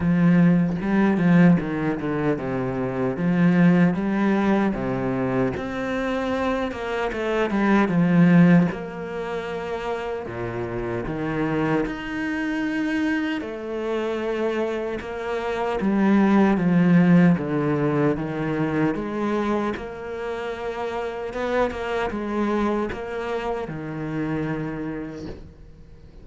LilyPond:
\new Staff \with { instrumentName = "cello" } { \time 4/4 \tempo 4 = 76 f4 g8 f8 dis8 d8 c4 | f4 g4 c4 c'4~ | c'8 ais8 a8 g8 f4 ais4~ | ais4 ais,4 dis4 dis'4~ |
dis'4 a2 ais4 | g4 f4 d4 dis4 | gis4 ais2 b8 ais8 | gis4 ais4 dis2 | }